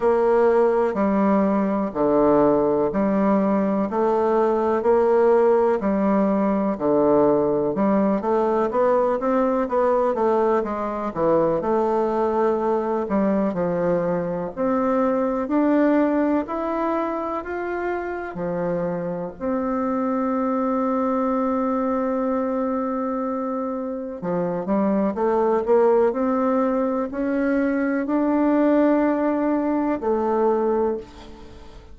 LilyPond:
\new Staff \with { instrumentName = "bassoon" } { \time 4/4 \tempo 4 = 62 ais4 g4 d4 g4 | a4 ais4 g4 d4 | g8 a8 b8 c'8 b8 a8 gis8 e8 | a4. g8 f4 c'4 |
d'4 e'4 f'4 f4 | c'1~ | c'4 f8 g8 a8 ais8 c'4 | cis'4 d'2 a4 | }